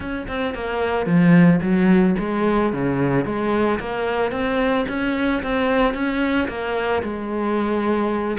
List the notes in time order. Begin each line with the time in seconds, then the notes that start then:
0.00 C#4
0.27 C4
0.54 A#3
1.06 F3
1.61 F#3
2.18 G#3
2.72 C#3
3.25 G#3
3.79 A#3
4.31 C4
4.88 C#4
5.43 C4
5.93 C#4
6.48 A#3
7.02 G#3